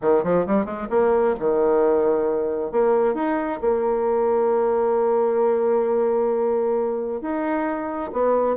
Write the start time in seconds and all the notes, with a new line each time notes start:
0.01 D#3
0.23 F3
0.46 G3
0.65 G#3
0.90 A#3
1.39 D#3
2.71 A#3
3.14 D#4
3.61 A#3
7.21 D#4
8.13 B3